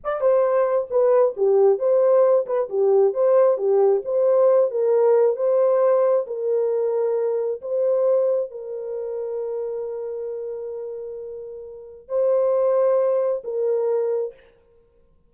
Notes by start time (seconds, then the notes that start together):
0.03 D5
0.20 C5
0.90 B4
1.36 G4
1.78 C5
2.46 B4
2.69 G4
3.13 C5
3.57 G4
4.04 C5
4.70 A#4
5.36 C5
6.26 A#4
7.61 C5
8.51 A#4
12.08 C5
13.44 A#4